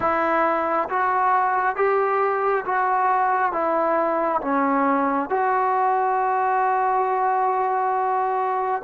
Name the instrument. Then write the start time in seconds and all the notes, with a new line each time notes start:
trombone
0.00 E4
0.89 F#4
1.76 G4
2.65 F#4
3.52 E4
4.41 C#4
5.29 F#4